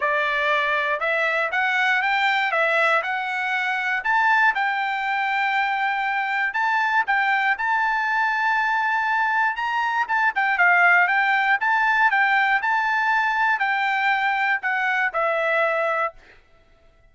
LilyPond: \new Staff \with { instrumentName = "trumpet" } { \time 4/4 \tempo 4 = 119 d''2 e''4 fis''4 | g''4 e''4 fis''2 | a''4 g''2.~ | g''4 a''4 g''4 a''4~ |
a''2. ais''4 | a''8 g''8 f''4 g''4 a''4 | g''4 a''2 g''4~ | g''4 fis''4 e''2 | }